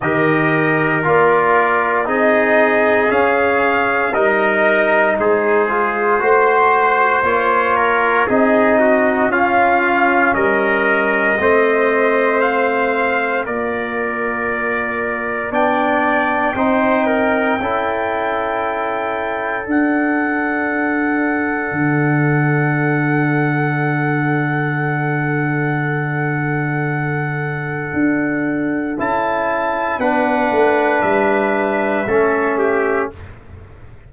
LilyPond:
<<
  \new Staff \with { instrumentName = "trumpet" } { \time 4/4 \tempo 4 = 58 dis''4 d''4 dis''4 f''4 | dis''4 c''2 cis''4 | dis''4 f''4 dis''2 | f''4 d''2 g''4~ |
g''2. fis''4~ | fis''1~ | fis''1 | a''4 fis''4 e''2 | }
  \new Staff \with { instrumentName = "trumpet" } { \time 4/4 ais'2 gis'2 | ais'4 gis'4 c''4. ais'8 | gis'8 fis'8 f'4 ais'4 c''4~ | c''4 ais'2 d''4 |
c''8 ais'8 a'2.~ | a'1~ | a'1~ | a'4 b'2 a'8 g'8 | }
  \new Staff \with { instrumentName = "trombone" } { \time 4/4 g'4 f'4 dis'4 cis'4 | dis'4. f'8 fis'4 f'4 | dis'4 cis'2 c'4~ | c'4 f'2 d'4 |
dis'4 e'2 d'4~ | d'1~ | d'1 | e'4 d'2 cis'4 | }
  \new Staff \with { instrumentName = "tuba" } { \time 4/4 dis4 ais4 c'4 cis'4 | g4 gis4 a4 ais4 | c'4 cis'4 g4 a4~ | a4 ais2 b4 |
c'4 cis'2 d'4~ | d'4 d2.~ | d2. d'4 | cis'4 b8 a8 g4 a4 | }
>>